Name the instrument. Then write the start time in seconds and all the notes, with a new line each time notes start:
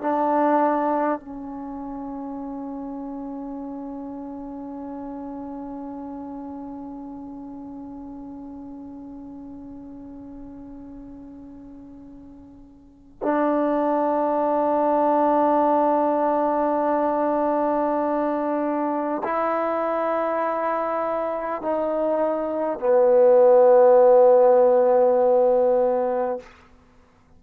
trombone
0.00 D4
1.19 C#4
13.22 D4
19.23 E4
21.62 D#4
22.79 B3